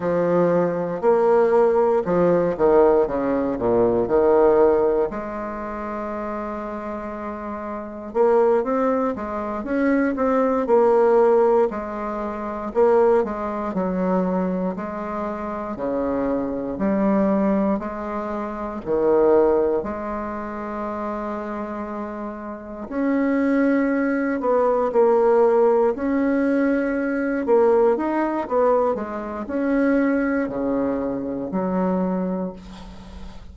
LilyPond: \new Staff \with { instrumentName = "bassoon" } { \time 4/4 \tempo 4 = 59 f4 ais4 f8 dis8 cis8 ais,8 | dis4 gis2. | ais8 c'8 gis8 cis'8 c'8 ais4 gis8~ | gis8 ais8 gis8 fis4 gis4 cis8~ |
cis8 g4 gis4 dis4 gis8~ | gis2~ gis8 cis'4. | b8 ais4 cis'4. ais8 dis'8 | b8 gis8 cis'4 cis4 fis4 | }